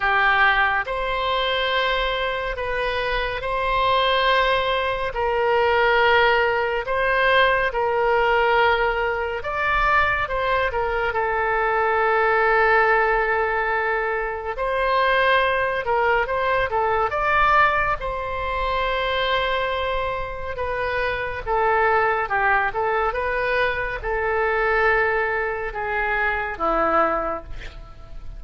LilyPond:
\new Staff \with { instrumentName = "oboe" } { \time 4/4 \tempo 4 = 70 g'4 c''2 b'4 | c''2 ais'2 | c''4 ais'2 d''4 | c''8 ais'8 a'2.~ |
a'4 c''4. ais'8 c''8 a'8 | d''4 c''2. | b'4 a'4 g'8 a'8 b'4 | a'2 gis'4 e'4 | }